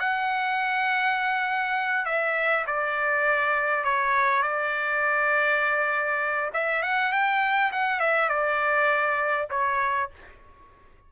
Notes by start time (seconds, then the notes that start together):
0.00 F#5
2.06 E5
2.67 D5
3.85 C#5
4.43 D5
6.54 E5
6.83 F#5
7.13 G5
7.73 F#5
8.00 E5
8.29 D5
9.51 C#5